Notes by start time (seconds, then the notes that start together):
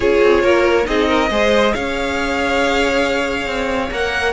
0.00 C#4 F4 G#4 C#5
0.22 C4
0.42 A#3 A#4
0.84 C4 D#4 G#4 D#5
1.08 A#4
1.30 G#3 G#4 C5
1.73 C#4 C#5 F5
3.46 C4
3.90 A#3 A#4 F#5